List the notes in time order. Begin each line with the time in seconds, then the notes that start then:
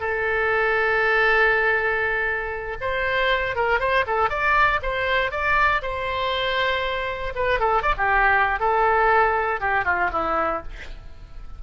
0.00 A4
2.81 C5
3.56 A#4
3.80 C5
4.07 A4
4.30 D5
4.83 C5
5.31 D5
5.82 C5
7.35 B4
7.60 A4
7.82 D5
7.97 G4
8.60 A4
9.61 G4
9.85 F4
10.13 E4